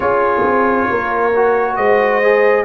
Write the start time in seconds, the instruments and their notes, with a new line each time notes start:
0.00 tuba C#4, trombone F4, horn G#4, trumpet C#5
0.43 tuba C4
0.89 tuba A#3, horn A#4
1.35 trombone F#4
1.76 tuba G#3, horn C5, trumpet D#5
2.22 trombone G#4